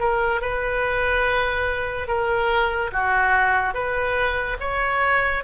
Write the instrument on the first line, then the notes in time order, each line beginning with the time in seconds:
oboe
0.00 A#4
0.42 B4
2.08 A#4
2.92 F#4
3.74 B4
4.61 C#5